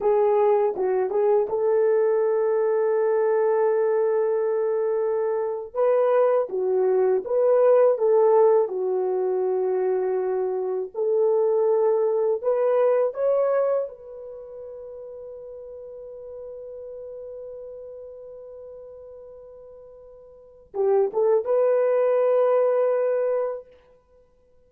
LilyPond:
\new Staff \with { instrumentName = "horn" } { \time 4/4 \tempo 4 = 81 gis'4 fis'8 gis'8 a'2~ | a'2.~ a'8. b'16~ | b'8. fis'4 b'4 a'4 fis'16~ | fis'2~ fis'8. a'4~ a'16~ |
a'8. b'4 cis''4 b'4~ b'16~ | b'1~ | b'1 | g'8 a'8 b'2. | }